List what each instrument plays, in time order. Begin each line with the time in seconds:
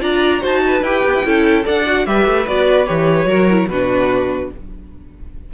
0.00 cello D4, viola F4, violin D5 A#5
0.40 cello D#4, viola F#4, violin C5 A5
0.66 violin B4
0.82 cello E4, viola G4, violin G5
1.06 cello B3
1.13 cello E4
1.24 cello C#4, viola E4, violin A4
1.63 cello D4, viola A4, violin D5 F#5
1.86 viola F#4
2.06 cello G3, viola G4, violin B4 E5
2.26 cello A3
2.47 cello B3, viola F#4, violin D5
2.86 cello E3, viola G4, violin C#5
3.25 cello F#3, viola F#4, violin A#4
3.49 viola E4
3.67 cello B2, viola D4, violin F#4 B4